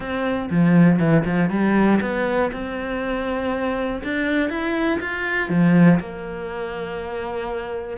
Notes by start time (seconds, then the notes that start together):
0.00 C4
0.50 F3
0.99 E3
1.25 F3
1.50 G3
2.01 B3
2.52 C4
4.03 D4
4.49 E4
5.00 F4
5.49 F3
5.99 A#3